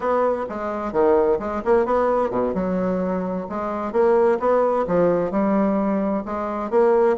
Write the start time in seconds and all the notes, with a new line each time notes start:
0.00 B3
0.49 G#3
0.92 D#3
1.39 G#3
1.64 A#3
1.85 B3
2.30 B2
2.54 F#3
3.49 G#3
3.92 A#3
4.39 B3
4.87 F3
5.31 G3
6.25 G#3
6.70 A#3